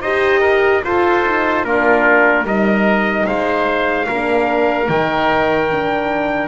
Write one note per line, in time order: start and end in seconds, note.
0.00 0.81 D#4
0.00 0.83 G4
0.00 0.41 C5
0.00 0.82 D#5
0.41 0.81 A#4
0.83 1.23 F4
0.83 1.64 F4
0.83 1.66 A4
0.83 1.65 C5
1.24 1.64 D#4
1.64 2.44 A#3
1.64 2.45 D4
1.64 2.45 F4
1.64 2.46 A#4
2.44 3.25 G3
2.44 4.08 D#4
2.44 3.26 A#4
2.44 3.26 D#5
3.26 4.07 G#3
3.26 4.07 C5
3.26 4.88 F5
4.07 4.88 A#3
4.07 4.86 D4
4.07 6.47 A#4
4.86 6.47 D#3
4.86 5.67 D#4
4.86 6.47 G5
5.71 6.47 D4